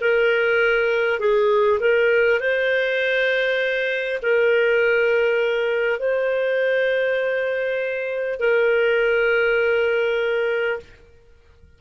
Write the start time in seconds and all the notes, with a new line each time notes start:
0.00 A#4
1.19 G#4
1.79 A#4
2.40 C5
4.22 A#4
5.99 C5
8.39 A#4